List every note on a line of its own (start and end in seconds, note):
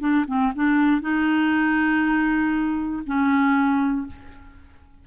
0.00 0.25 D4
0.27 0.52 C4
0.55 1.01 D4
1.01 3.03 D#4
3.06 4.07 C#4